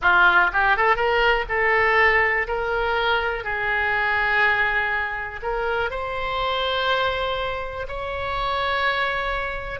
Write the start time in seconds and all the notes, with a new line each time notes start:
0.01 F4
0.52 G4
0.76 A4
0.96 A#4
1.48 A4
2.47 A#4
3.43 G#4
5.42 A#4
5.90 C5
7.88 C#5